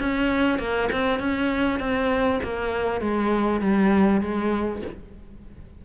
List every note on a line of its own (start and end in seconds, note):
0.00 0.59 C#4
0.59 0.90 A#3
0.92 1.19 C4
1.19 1.80 C#4
1.80 2.40 C4
2.43 3.01 A#3
3.01 3.61 G#3
3.61 4.21 G3
4.21 4.82 G#3